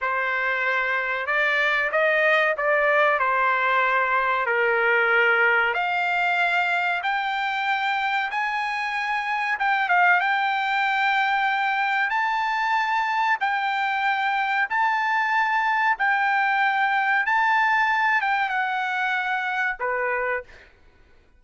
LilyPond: \new Staff \with { instrumentName = "trumpet" } { \time 4/4 \tempo 4 = 94 c''2 d''4 dis''4 | d''4 c''2 ais'4~ | ais'4 f''2 g''4~ | g''4 gis''2 g''8 f''8 |
g''2. a''4~ | a''4 g''2 a''4~ | a''4 g''2 a''4~ | a''8 g''8 fis''2 b'4 | }